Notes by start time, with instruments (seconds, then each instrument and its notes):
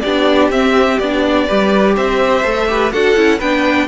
0.00 cello B3, viola D4, violin G4 D5
0.50 cello C4, viola C4, violin E5
0.98 cello B3, viola D4, violin D5
1.47 cello G3, viola G4, violin B4
1.96 cello C4, violin C5 E5
2.44 cello A3, viola A4
2.67 viola G4, violin B4
2.92 cello D4, viola F#4, violin A4 F#5
3.16 cello C#4, viola E4
3.39 cello B3, viola D4, violin B4 G5